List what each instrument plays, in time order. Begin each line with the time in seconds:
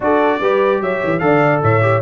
0.00 tuba D4, trombone F#4, horn A4, trumpet D5
0.40 tuba G3, trombone G4, horn B4
0.80 tuba F#3, horn C#5, trumpet E5
1.04 tuba E3
1.19 tuba D3, trombone A4, horn D5, trumpet F5
1.62 tuba A2, horn C#5, trumpet E5
1.81 trombone G4